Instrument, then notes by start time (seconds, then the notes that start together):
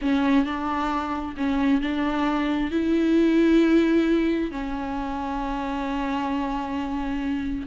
viola
0.01 C#4
0.45 D4
1.37 C#4
1.81 D4
2.71 E4
4.51 C#4